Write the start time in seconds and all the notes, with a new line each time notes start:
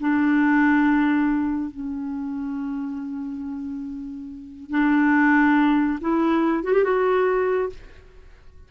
0.00 D4
1.71 C#4
4.70 D4
6.01 E4
6.64 F#4
6.73 G4
6.84 F#4